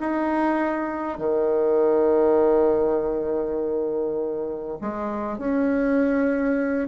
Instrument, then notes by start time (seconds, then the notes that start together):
bassoon
0.00 D#4
1.18 D#3
4.81 G#3
5.38 C#4